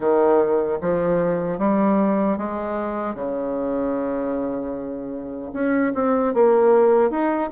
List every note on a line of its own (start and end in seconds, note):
0.00 0.78 D#3
0.81 1.58 F3
1.58 2.37 G3
2.37 3.14 G#3
3.14 5.51 C#3
5.53 5.92 C#4
5.94 6.34 C4
6.34 7.10 A#3
7.10 7.50 D#4